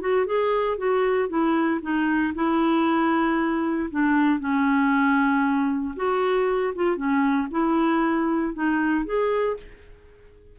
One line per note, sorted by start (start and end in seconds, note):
0.00 0.25 F#4
0.25 0.77 G#4
0.77 1.28 F#4
1.28 1.80 E4
1.82 2.33 D#4
2.34 3.89 E4
3.90 4.39 D4
4.39 5.95 C#4
5.96 6.73 F#4
6.75 6.96 F4
6.96 7.48 C#4
7.50 8.53 E4
8.53 9.05 D#4
9.05 9.56 G#4